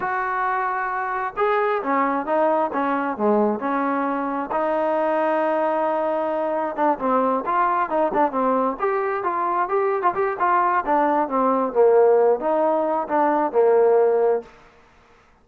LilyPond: \new Staff \with { instrumentName = "trombone" } { \time 4/4 \tempo 4 = 133 fis'2. gis'4 | cis'4 dis'4 cis'4 gis4 | cis'2 dis'2~ | dis'2. d'8 c'8~ |
c'8 f'4 dis'8 d'8 c'4 g'8~ | g'8 f'4 g'8. f'16 g'8 f'4 | d'4 c'4 ais4. dis'8~ | dis'4 d'4 ais2 | }